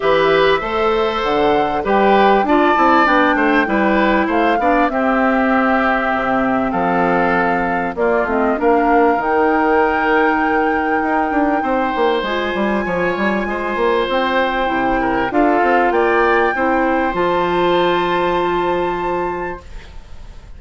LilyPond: <<
  \new Staff \with { instrumentName = "flute" } { \time 4/4 \tempo 4 = 98 e''2 fis''4 g''4 | a''4 g''2 f''4 | e''2. f''4~ | f''4 d''8 dis''8 f''4 g''4~ |
g''1 | gis''2. g''4~ | g''4 f''4 g''2 | a''1 | }
  \new Staff \with { instrumentName = "oboe" } { \time 4/4 b'4 c''2 b'4 | d''4. c''8 b'4 c''8 d''8 | g'2. a'4~ | a'4 f'4 ais'2~ |
ais'2. c''4~ | c''4 cis''4 c''2~ | c''8 ais'8 a'4 d''4 c''4~ | c''1 | }
  \new Staff \with { instrumentName = "clarinet" } { \time 4/4 g'4 a'2 g'4 | f'8 e'8 d'4 e'4. d'8 | c'1~ | c'4 ais8 c'8 d'4 dis'4~ |
dis'1 | f'1 | e'4 f'2 e'4 | f'1 | }
  \new Staff \with { instrumentName = "bassoon" } { \time 4/4 e4 a4 d4 g4 | d'8 c'8 b8 a8 g4 a8 b8 | c'2 c4 f4~ | f4 ais8 a8 ais4 dis4~ |
dis2 dis'8 d'8 c'8 ais8 | gis8 g8 f8 g8 gis8 ais8 c'4 | c4 d'8 c'8 ais4 c'4 | f1 | }
>>